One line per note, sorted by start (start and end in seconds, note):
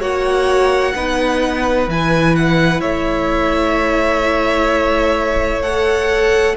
0.00 0.94 A#3
0.00 0.94 F#4
0.00 0.94 C#5
0.00 1.89 F#5
0.95 1.88 B3
0.95 1.90 D#4
0.95 2.81 B4
1.88 2.81 E3
1.88 5.63 E4
1.88 2.36 G#5
2.36 2.81 F#5
2.81 6.57 A3
2.81 6.56 C#5
2.81 5.62 E5
5.62 6.57 A4
5.62 6.56 F#5